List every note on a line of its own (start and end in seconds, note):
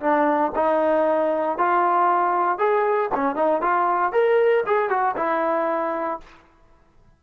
0.00 0.52 D4
0.55 1.58 D#4
1.58 2.58 F4
2.58 3.09 G#4
3.14 3.35 C#4
3.35 3.61 D#4
3.61 4.12 F4
4.12 4.64 A#4
4.66 4.89 G#4
4.89 5.15 F#4
5.16 6.20 E4